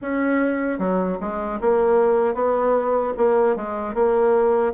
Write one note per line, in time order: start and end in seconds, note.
0.01 0.78 C#4
0.78 1.18 F#3
1.20 1.59 G#3
1.60 2.34 A#3
2.34 3.13 B3
3.17 3.56 A#3
3.56 3.94 G#3
3.94 4.73 A#3